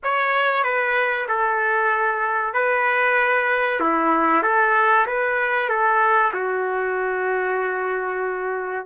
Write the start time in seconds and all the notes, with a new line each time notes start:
0.03 C#5
0.63 B4
1.28 A4
2.53 B4
3.80 E4
4.42 A4
5.06 B4
5.69 A4
6.33 F#4